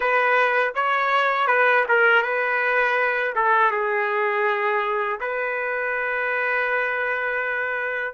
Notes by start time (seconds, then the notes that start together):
0.00 B4
0.74 C#5
1.47 B4
1.88 A#4
2.22 B4
3.35 A4
3.71 G#4
5.20 B4